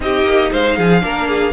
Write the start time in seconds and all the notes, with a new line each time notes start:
0.00 C4 D#4 G4 D#5
0.24 A#3
0.51 G#3 C5 F5
0.76 F3 G#4
1.01 A#3 D4 A#4
1.28 G#4